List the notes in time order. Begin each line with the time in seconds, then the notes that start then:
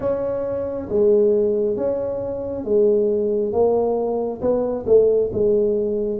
0.00 C#4
0.89 G#3
1.76 C#4
2.64 G#3
3.52 A#3
4.41 B3
4.86 A3
5.33 G#3